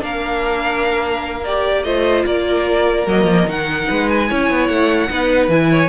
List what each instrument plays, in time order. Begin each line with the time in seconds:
0.00 cello A#3, viola D4, violin A#4 F5
1.45 viola G4, violin D5
1.84 cello A3, viola F4, violin C5 D#5
2.26 cello A#3, violin A#4 D5
3.07 cello F#3, viola A#3, violin D#5
3.24 cello F3
3.47 cello D#3, viola D#4, violin F#5
3.88 cello G#3, violin B4
4.09 violin G#5
4.29 cello C#4, viola E4, violin C#5
4.50 cello B3
4.68 cello A3, violin F#5
5.10 cello B3, viola D#4, violin B4
5.48 cello E3, viola E4, violin G#5
5.71 violin C#5